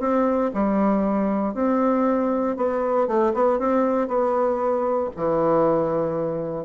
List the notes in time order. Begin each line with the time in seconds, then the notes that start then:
0.00 C4
0.54 G3
1.55 C4
2.57 B3
3.08 A3
3.34 B3
3.59 C4
4.08 B3
5.16 E3